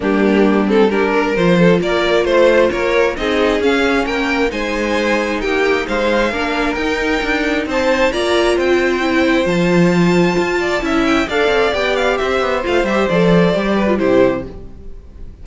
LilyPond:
<<
  \new Staff \with { instrumentName = "violin" } { \time 4/4 \tempo 4 = 133 g'4. a'8 ais'4 c''4 | d''4 c''4 cis''4 dis''4 | f''4 g''4 gis''2 | g''4 f''2 g''4~ |
g''4 a''4 ais''4 g''4~ | g''4 a''2.~ | a''8 g''8 f''4 g''8 f''8 e''4 | f''8 e''8 d''2 c''4 | }
  \new Staff \with { instrumentName = "violin" } { \time 4/4 d'2 g'8 ais'4 a'8 | ais'4 c''4 ais'4 gis'4~ | gis'4 ais'4 c''2 | g'4 c''4 ais'2~ |
ais'4 c''4 d''4 c''4~ | c''2.~ c''8 d''8 | e''4 d''2 c''4~ | c''2~ c''8 b'8 g'4 | }
  \new Staff \with { instrumentName = "viola" } { \time 4/4 ais4. c'8 d'4 f'4~ | f'2. dis'4 | cis'2 dis'2~ | dis'2 d'4 dis'4~ |
dis'2 f'2 | e'4 f'2. | e'4 a'4 g'2 | f'8 g'8 a'4 g'8. f'16 e'4 | }
  \new Staff \with { instrumentName = "cello" } { \time 4/4 g2. f4 | ais4 a4 ais4 c'4 | cis'4 ais4 gis2 | ais4 gis4 ais4 dis'4 |
d'4 c'4 ais4 c'4~ | c'4 f2 f'4 | cis'4 d'8 c'8 b4 c'8 b8 | a8 g8 f4 g4 c4 | }
>>